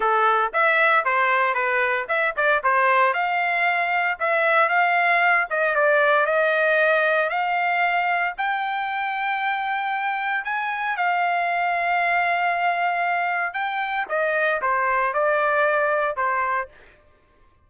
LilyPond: \new Staff \with { instrumentName = "trumpet" } { \time 4/4 \tempo 4 = 115 a'4 e''4 c''4 b'4 | e''8 d''8 c''4 f''2 | e''4 f''4. dis''8 d''4 | dis''2 f''2 |
g''1 | gis''4 f''2.~ | f''2 g''4 dis''4 | c''4 d''2 c''4 | }